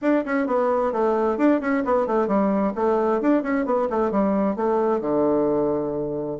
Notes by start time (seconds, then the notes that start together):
0.01 D4
0.25 C#4
0.46 B3
0.92 A3
1.37 D4
1.60 C#4
1.84 B3
2.06 A3
2.27 G3
2.75 A3
3.21 D4
3.42 C#4
3.65 B3
3.90 A3
4.11 G3
4.56 A3
5.00 D3